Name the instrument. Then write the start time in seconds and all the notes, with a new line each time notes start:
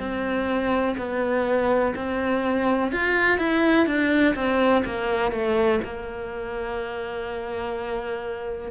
cello
0.00 C4
0.98 B3
1.96 C4
2.93 F4
3.38 E4
3.87 D4
4.35 C4
4.86 A#3
5.32 A3
5.84 A#3